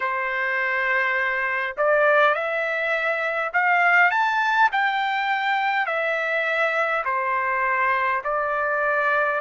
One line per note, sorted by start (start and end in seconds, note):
0.00 1.76 C5
1.76 2.34 D5
2.34 3.51 E5
3.53 4.11 F5
4.11 4.70 A5
4.72 5.86 G5
5.86 7.04 E5
7.04 8.22 C5
8.24 9.40 D5